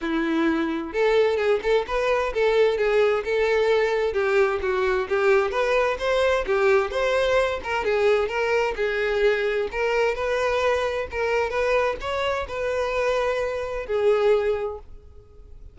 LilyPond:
\new Staff \with { instrumentName = "violin" } { \time 4/4 \tempo 4 = 130 e'2 a'4 gis'8 a'8 | b'4 a'4 gis'4 a'4~ | a'4 g'4 fis'4 g'4 | b'4 c''4 g'4 c''4~ |
c''8 ais'8 gis'4 ais'4 gis'4~ | gis'4 ais'4 b'2 | ais'4 b'4 cis''4 b'4~ | b'2 gis'2 | }